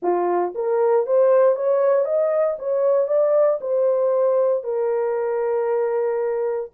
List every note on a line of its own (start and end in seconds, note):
0.02 0.54 F4
0.54 1.06 A#4
1.06 1.55 C5
1.55 2.05 C#5
2.05 2.57 D#5
2.59 3.07 C#5
3.07 3.59 D5
3.60 4.63 C5
4.63 6.70 A#4